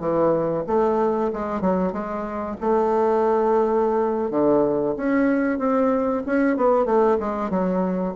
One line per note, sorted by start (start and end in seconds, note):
0.00 0.64 E3
0.67 1.31 A3
1.33 1.61 G#3
1.61 1.93 F#3
1.93 2.56 G#3
2.61 4.31 A3
4.31 4.95 D3
4.97 5.59 C#4
5.59 6.23 C4
6.26 6.57 C#4
6.57 6.86 B3
6.86 7.18 A3
7.20 7.50 G#3
7.50 8.14 F#3